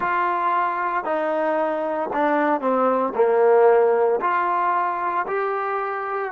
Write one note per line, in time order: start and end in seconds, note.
0.00 1.04 F4
1.04 2.09 D#4
2.13 2.60 D4
2.60 3.13 C4
3.14 4.20 A#3
4.21 5.26 F4
5.27 6.32 G4